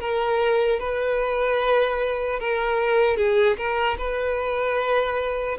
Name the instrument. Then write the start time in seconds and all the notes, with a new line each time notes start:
violin
0.00 A#4
0.79 B4
2.39 A#4
3.17 G#4
3.57 A#4
3.98 B4